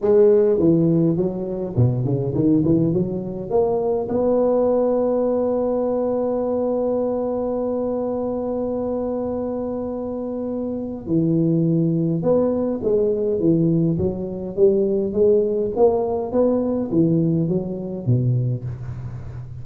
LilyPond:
\new Staff \with { instrumentName = "tuba" } { \time 4/4 \tempo 4 = 103 gis4 e4 fis4 b,8 cis8 | dis8 e8 fis4 ais4 b4~ | b1~ | b1~ |
b2. e4~ | e4 b4 gis4 e4 | fis4 g4 gis4 ais4 | b4 e4 fis4 b,4 | }